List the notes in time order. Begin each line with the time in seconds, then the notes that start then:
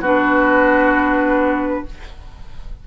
0.00 B3 D4 F#4 B4